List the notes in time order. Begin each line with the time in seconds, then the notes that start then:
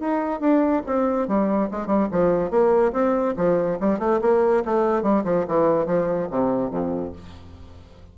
0.00 D#4
0.41 D4
0.87 C4
1.28 G3
1.71 G#3
1.87 G3
2.12 F3
2.51 A#3
2.93 C4
3.37 F3
3.81 G3
3.99 A3
4.22 A#3
4.66 A3
5.03 G3
5.25 F3
5.48 E3
5.86 F3
6.31 C3
6.71 F2